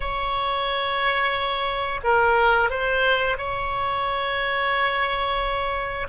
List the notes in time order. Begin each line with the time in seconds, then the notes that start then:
0.00 C#5
2.03 A#4
2.70 C5
3.37 C#5